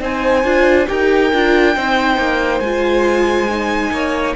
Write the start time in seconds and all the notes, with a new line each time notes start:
0.00 C4 D#4 C5 G#5
0.44 D4 F4
0.87 D#4 G4 A#4 G5
1.33 D4 F4
1.75 C4 D#4 C5
2.17 A#3
2.60 G#3 F4 G#5
3.49 D#4
3.91 A#3 C#5